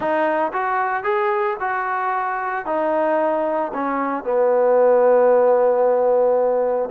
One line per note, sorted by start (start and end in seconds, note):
0.00 0.52 D#4
0.52 1.03 F#4
1.03 1.56 G#4
1.59 2.65 F#4
2.65 3.71 D#4
3.73 4.24 C#4
4.24 6.89 B3